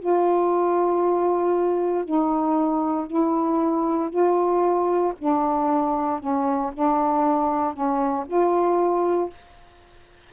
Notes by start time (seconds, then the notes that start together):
0.00 F4
2.05 D#4
3.07 E4
4.10 F4
5.19 D4
6.20 C#4
6.74 D4
7.74 C#4
8.27 F4